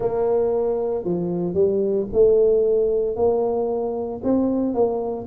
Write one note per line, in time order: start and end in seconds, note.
0.00 1.04 A#3
1.04 1.54 F3
1.54 2.06 G3
2.12 3.16 A3
3.16 4.21 A#3
4.23 4.74 C4
4.74 5.26 A#3